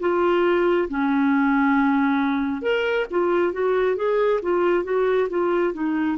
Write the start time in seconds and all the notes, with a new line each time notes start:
0.00 F4
0.89 C#4
2.62 A#4
3.11 F4
3.53 F#4
3.97 G#4
4.42 F4
4.84 F#4
5.29 F4
5.74 D#4